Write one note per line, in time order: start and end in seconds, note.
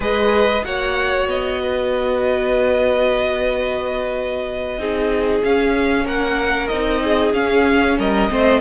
0.00 0.62 G#3
0.00 0.62 G#4
0.00 0.64 B4
0.00 0.64 D#5
0.64 1.27 A#3
0.64 4.78 F#4
0.64 1.61 C#5
0.64 1.28 F#5
1.27 4.78 B3
1.27 5.43 D#5
1.62 4.79 B4
4.78 5.41 C4
4.78 5.42 D#4
4.78 6.05 G#4
5.43 6.71 C#4
5.43 6.05 C#4
5.43 6.07 F5
6.05 6.69 A#3
6.05 7.00 A#4
6.05 6.67 F#5
6.67 7.33 C4
6.67 7.33 D#4
6.67 7.31 D#5
7.03 7.98 G#4
7.33 7.97 C#4
7.33 8.29 C#4
7.33 7.97 F5
7.98 8.30 G3
7.98 8.30 A#4
7.98 8.60 D#5
8.29 8.60 A3
8.29 8.60 C4
8.29 8.60 C5